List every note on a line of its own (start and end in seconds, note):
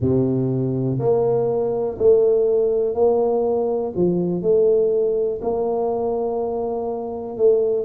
0.00 0.98 C3
0.99 1.97 A#3
1.98 2.94 A3
2.94 3.93 A#3
3.95 4.42 F3
4.42 5.40 A3
5.41 7.37 A#3
7.37 7.85 A3